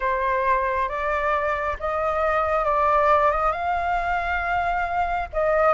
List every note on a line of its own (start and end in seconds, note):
0.00 0.88 C5
0.88 1.76 D5
1.79 2.65 D#5
2.65 3.31 D5
3.31 3.51 D#5
3.51 5.28 F5
5.32 5.74 D#5